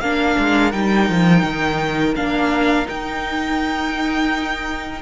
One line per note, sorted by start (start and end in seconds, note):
0.00 0.36 A#3
0.00 0.72 D4
0.00 5.01 A#4
0.00 0.71 F5
0.38 0.73 G#3
0.71 1.09 G3
0.71 2.15 D#4
0.71 2.14 G5
1.09 1.43 F3
1.43 2.14 D#3
2.15 2.87 A#3
2.15 2.85 D4
2.15 2.87 F5
2.85 5.00 D#4
2.85 5.01 D#4
2.85 5.01 G5